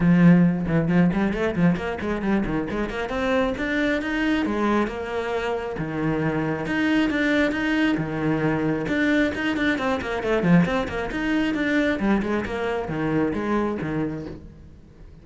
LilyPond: \new Staff \with { instrumentName = "cello" } { \time 4/4 \tempo 4 = 135 f4. e8 f8 g8 a8 f8 | ais8 gis8 g8 dis8 gis8 ais8 c'4 | d'4 dis'4 gis4 ais4~ | ais4 dis2 dis'4 |
d'4 dis'4 dis2 | d'4 dis'8 d'8 c'8 ais8 a8 f8 | c'8 ais8 dis'4 d'4 g8 gis8 | ais4 dis4 gis4 dis4 | }